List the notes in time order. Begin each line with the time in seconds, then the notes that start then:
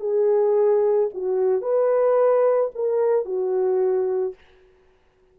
0.00 G#4
1.14 F#4
1.62 B4
2.75 A#4
3.25 F#4